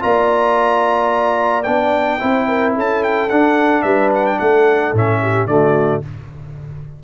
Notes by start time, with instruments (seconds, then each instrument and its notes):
0.00 tuba A#3, trombone F4, horn D5, trumpet A#5
1.63 tuba B3, trombone D4, trumpet G5
2.19 tuba C4, trombone E4, horn C5
2.48 horn A#4
2.74 tuba C#4, horn A4, trumpet A5
3.03 trumpet G5
3.29 tuba D4, trombone D4, trumpet F#5
3.82 tuba G3, horn B4, trumpet E5
4.14 trumpet F#5
4.26 trumpet G5
4.37 tuba A3, horn A4, trumpet F#5
4.93 tuba A2, trombone C#4, trumpet E5
5.21 horn G4
5.46 tuba D3, trombone A3, horn F#4, trumpet D5